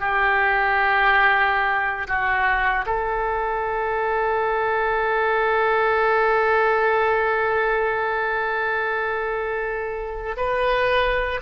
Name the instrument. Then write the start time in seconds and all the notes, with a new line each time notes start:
oboe
0.00 G4
2.07 F#4
2.86 A4
10.37 B4